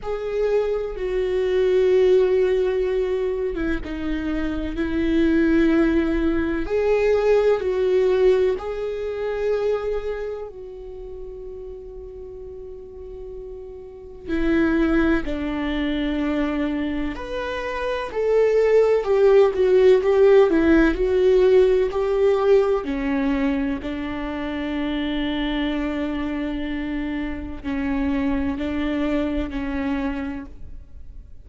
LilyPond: \new Staff \with { instrumentName = "viola" } { \time 4/4 \tempo 4 = 63 gis'4 fis'2~ fis'8. e'16 | dis'4 e'2 gis'4 | fis'4 gis'2 fis'4~ | fis'2. e'4 |
d'2 b'4 a'4 | g'8 fis'8 g'8 e'8 fis'4 g'4 | cis'4 d'2.~ | d'4 cis'4 d'4 cis'4 | }